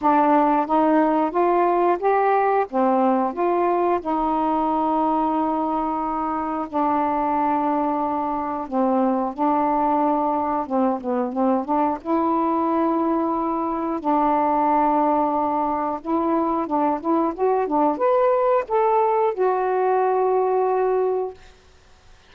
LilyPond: \new Staff \with { instrumentName = "saxophone" } { \time 4/4 \tempo 4 = 90 d'4 dis'4 f'4 g'4 | c'4 f'4 dis'2~ | dis'2 d'2~ | d'4 c'4 d'2 |
c'8 b8 c'8 d'8 e'2~ | e'4 d'2. | e'4 d'8 e'8 fis'8 d'8 b'4 | a'4 fis'2. | }